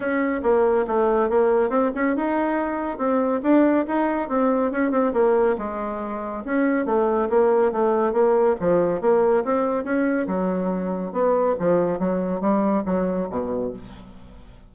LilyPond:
\new Staff \with { instrumentName = "bassoon" } { \time 4/4 \tempo 4 = 140 cis'4 ais4 a4 ais4 | c'8 cis'8 dis'2 c'4 | d'4 dis'4 c'4 cis'8 c'8 | ais4 gis2 cis'4 |
a4 ais4 a4 ais4 | f4 ais4 c'4 cis'4 | fis2 b4 f4 | fis4 g4 fis4 b,4 | }